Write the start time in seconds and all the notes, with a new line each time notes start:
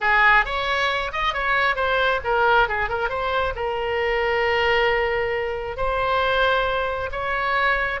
0.01 G#4
0.45 C#5
1.12 D#5
1.33 C#5
1.75 C5
2.23 A#4
2.68 G#4
2.89 A#4
3.09 C5
3.55 A#4
5.76 C5
7.11 C#5